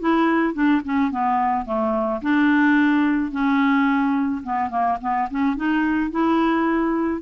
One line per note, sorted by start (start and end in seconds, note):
0.00 0.54 E4
0.54 0.82 D4
0.85 1.11 C#4
1.11 1.65 B3
1.65 2.21 A3
2.22 3.31 D4
3.31 4.42 C#4
4.44 4.70 B3
4.70 4.98 A#3
5.01 5.29 B3
5.31 5.56 C#4
5.56 6.11 D#4
6.11 7.22 E4